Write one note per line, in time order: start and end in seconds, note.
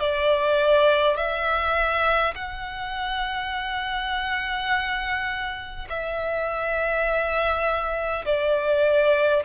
0.00 1.17 D5
1.17 2.35 E5
2.35 5.88 F#5
5.90 8.25 E5
8.26 9.43 D5